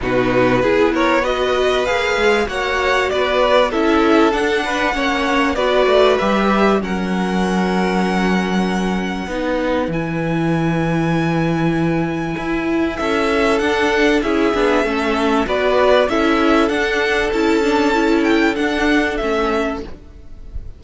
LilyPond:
<<
  \new Staff \with { instrumentName = "violin" } { \time 4/4 \tempo 4 = 97 b'4. cis''8 dis''4 f''4 | fis''4 d''4 e''4 fis''4~ | fis''4 d''4 e''4 fis''4~ | fis''1 |
gis''1~ | gis''4 e''4 fis''4 e''4~ | e''4 d''4 e''4 fis''4 | a''4. g''8 fis''4 e''4 | }
  \new Staff \with { instrumentName = "violin" } { \time 4/4 fis'4 gis'8 ais'8 b'2 | cis''4 b'4 a'4. b'8 | cis''4 b'2 ais'4~ | ais'2. b'4~ |
b'1~ | b'4 a'2 gis'4 | a'4 b'4 a'2~ | a'1 | }
  \new Staff \with { instrumentName = "viola" } { \time 4/4 dis'4 e'4 fis'4 gis'4 | fis'2 e'4 d'4 | cis'4 fis'4 g'4 cis'4~ | cis'2. dis'4 |
e'1~ | e'2 d'4 e'8 d'8 | cis'4 fis'4 e'4 d'4 | e'8 d'8 e'4 d'4 cis'4 | }
  \new Staff \with { instrumentName = "cello" } { \time 4/4 b,4 b2 ais8 gis8 | ais4 b4 cis'4 d'4 | ais4 b8 a8 g4 fis4~ | fis2. b4 |
e1 | e'4 cis'4 d'4 cis'8 b8 | a4 b4 cis'4 d'4 | cis'2 d'4 a4 | }
>>